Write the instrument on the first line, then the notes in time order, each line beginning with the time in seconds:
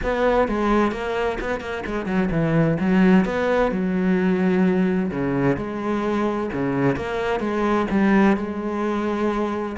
cello
0.03 B3
0.48 G#3
0.91 A#3
1.40 B3
1.60 A#3
1.86 G#3
2.06 F#3
2.31 E3
2.80 F#3
3.25 B3
3.71 F#3
5.11 C#3
5.56 G#3
6.53 C#3
6.96 A#3
7.40 G#3
7.90 G3
8.36 G#3